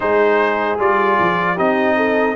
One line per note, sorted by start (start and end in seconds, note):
0.00 0.78 G#3
0.00 0.78 D#4
0.00 1.54 G#4
0.00 0.79 C5
0.78 1.18 G3
0.78 1.57 F4
0.78 1.58 D5
1.19 1.59 F3
1.54 2.35 C4
1.54 2.35 D#4
1.54 1.94 G4
1.54 2.35 D#5
1.96 2.35 A4